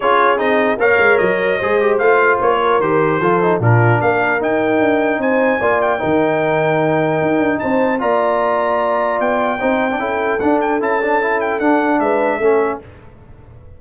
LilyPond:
<<
  \new Staff \with { instrumentName = "trumpet" } { \time 4/4 \tempo 4 = 150 cis''4 dis''4 f''4 dis''4~ | dis''4 f''4 cis''4 c''4~ | c''4 ais'4 f''4 g''4~ | g''4 gis''4. g''4.~ |
g''2. a''4 | ais''2. g''4~ | g''2 fis''8 g''8 a''4~ | a''8 g''8 fis''4 e''2 | }
  \new Staff \with { instrumentName = "horn" } { \time 4/4 gis'2 cis''2 | c''2~ c''8 ais'4. | a'4 f'4 ais'2~ | ais'4 c''4 d''4 ais'4~ |
ais'2. c''4 | d''1 | c''4 a'2.~ | a'2 b'4 a'4 | }
  \new Staff \with { instrumentName = "trombone" } { \time 4/4 f'4 dis'4 ais'2 | gis'8 g'8 f'2 g'4 | f'8 dis'8 d'2 dis'4~ | dis'2 f'4 dis'4~ |
dis'1 | f'1 | dis'8. d'16 e'4 d'4 e'8 d'8 | e'4 d'2 cis'4 | }
  \new Staff \with { instrumentName = "tuba" } { \time 4/4 cis'4 c'4 ais8 gis8 fis4 | gis4 a4 ais4 dis4 | f4 ais,4 ais4 dis'4 | d'4 c'4 ais4 dis4~ |
dis2 dis'8 d'8 c'4 | ais2. b4 | c'4 cis'4 d'4 cis'4~ | cis'4 d'4 gis4 a4 | }
>>